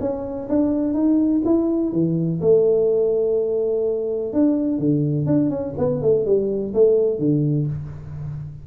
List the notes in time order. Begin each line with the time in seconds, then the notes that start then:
0.00 C#4
0.49 D4
0.94 D#4
1.45 E4
1.92 E3
2.41 A3
4.33 D4
4.78 D3
5.26 D4
5.50 C#4
5.77 B3
6.02 A3
6.25 G3
6.74 A3
7.18 D3